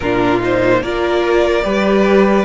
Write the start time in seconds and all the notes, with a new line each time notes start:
0.00 A#2 D4 F4 A#4
0.40 D#4 C5
0.81 A#3 F4 A#4 D5
1.62 G3 G4 B4